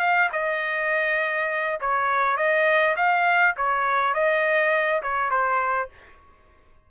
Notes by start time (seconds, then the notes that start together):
0.00 F5
0.33 D#5
1.81 C#5
2.37 D#5
2.97 F5
3.57 C#5
4.14 D#5
5.03 C#5
5.31 C5